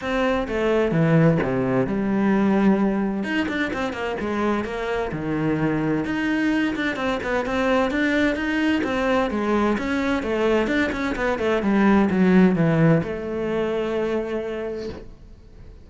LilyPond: \new Staff \with { instrumentName = "cello" } { \time 4/4 \tempo 4 = 129 c'4 a4 e4 c4 | g2. dis'8 d'8 | c'8 ais8 gis4 ais4 dis4~ | dis4 dis'4. d'8 c'8 b8 |
c'4 d'4 dis'4 c'4 | gis4 cis'4 a4 d'8 cis'8 | b8 a8 g4 fis4 e4 | a1 | }